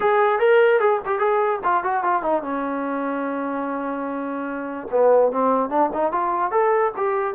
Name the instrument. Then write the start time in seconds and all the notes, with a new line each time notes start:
trombone
0.00 G#4
0.39 A#4
0.79 G#4
1.05 G4
1.19 G#4
1.63 F4
1.83 F#4
2.03 F4
2.22 D#4
2.42 C#4
4.91 B3
5.32 C4
5.69 D4
5.93 D#4
6.12 F4
6.51 A4
6.97 G4